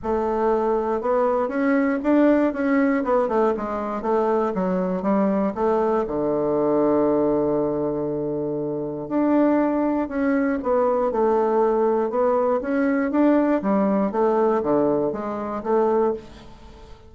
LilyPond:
\new Staff \with { instrumentName = "bassoon" } { \time 4/4 \tempo 4 = 119 a2 b4 cis'4 | d'4 cis'4 b8 a8 gis4 | a4 fis4 g4 a4 | d1~ |
d2 d'2 | cis'4 b4 a2 | b4 cis'4 d'4 g4 | a4 d4 gis4 a4 | }